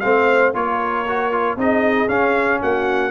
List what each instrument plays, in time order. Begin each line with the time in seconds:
0.00 tuba A3, trombone C4, horn C5, trumpet F5
0.54 tuba A#3, trombone F4, horn A#4, trumpet C#5
1.08 trombone F#4
1.32 trombone F4
1.57 tuba C4, trombone D#4, horn G#4, trumpet D#5
2.08 trombone C#4, tuba C#4, trumpet F5
2.61 tuba A#3, horn F#4, trumpet F#5